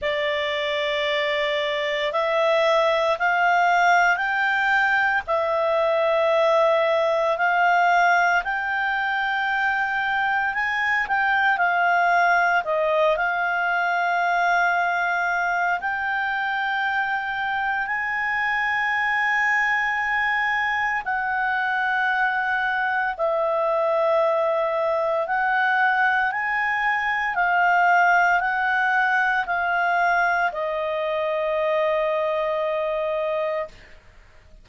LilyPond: \new Staff \with { instrumentName = "clarinet" } { \time 4/4 \tempo 4 = 57 d''2 e''4 f''4 | g''4 e''2 f''4 | g''2 gis''8 g''8 f''4 | dis''8 f''2~ f''8 g''4~ |
g''4 gis''2. | fis''2 e''2 | fis''4 gis''4 f''4 fis''4 | f''4 dis''2. | }